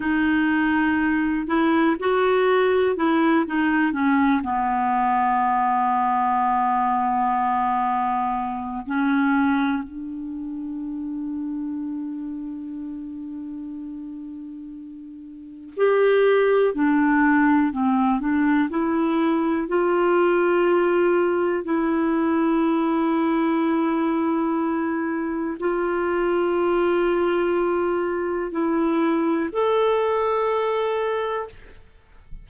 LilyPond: \new Staff \with { instrumentName = "clarinet" } { \time 4/4 \tempo 4 = 61 dis'4. e'8 fis'4 e'8 dis'8 | cis'8 b2.~ b8~ | b4 cis'4 d'2~ | d'1 |
g'4 d'4 c'8 d'8 e'4 | f'2 e'2~ | e'2 f'2~ | f'4 e'4 a'2 | }